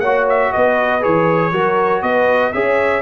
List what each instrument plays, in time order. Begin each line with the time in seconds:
0.00 tuba A#3, trombone F#4, horn C#5, trumpet F#5
0.30 trumpet E5
0.53 tuba B3, horn B4, trumpet D#5
1.02 tuba E3, trombone G#4, trumpet C#5
1.52 tuba F#3, trombone F#4, horn A#4
2.03 tuba B3, horn B4, trumpet D#5
2.53 tuba C#4, trombone G#4, horn C#5, trumpet E5